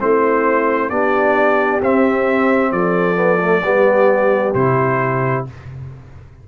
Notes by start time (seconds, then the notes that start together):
0.00 A3 C4 E4 C5
0.90 B3 D4 G4 D5
1.82 C4 E5
2.72 F3 A4 D5
3.16 B3
3.39 A3
3.63 G3 B3 G4
4.55 C3 E4 C5